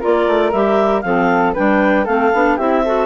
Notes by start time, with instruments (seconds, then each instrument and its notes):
0.00 bassoon A#3, clarinet F4 D5, flute A#4
0.27 bassoon A3
0.52 bassoon G3, clarinet G4 E5
1.01 bassoon F3, clarinet C4 F5, flute A4
1.54 bassoon G3, clarinet D4 G5, flute B4
2.04 bassoon A3, clarinet C4 F5, flute A4
2.33 bassoon B3, clarinet D4
2.56 bassoon C4, clarinet E4 E5, flute G4
2.84 clarinet F#4, flute A4